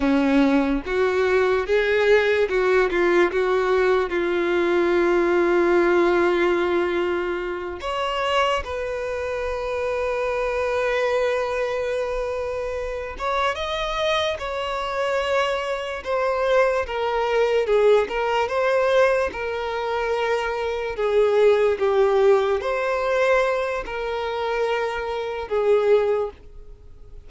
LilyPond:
\new Staff \with { instrumentName = "violin" } { \time 4/4 \tempo 4 = 73 cis'4 fis'4 gis'4 fis'8 f'8 | fis'4 f'2.~ | f'4. cis''4 b'4.~ | b'1 |
cis''8 dis''4 cis''2 c''8~ | c''8 ais'4 gis'8 ais'8 c''4 ais'8~ | ais'4. gis'4 g'4 c''8~ | c''4 ais'2 gis'4 | }